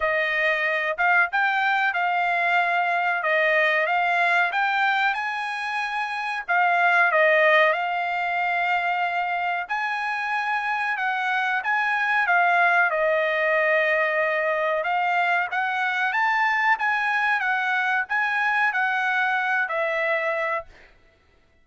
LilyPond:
\new Staff \with { instrumentName = "trumpet" } { \time 4/4 \tempo 4 = 93 dis''4. f''8 g''4 f''4~ | f''4 dis''4 f''4 g''4 | gis''2 f''4 dis''4 | f''2. gis''4~ |
gis''4 fis''4 gis''4 f''4 | dis''2. f''4 | fis''4 a''4 gis''4 fis''4 | gis''4 fis''4. e''4. | }